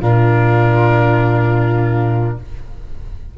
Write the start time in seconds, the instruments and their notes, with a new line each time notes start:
0.00 tuba A#2, viola D4, flute F4, oboe A#4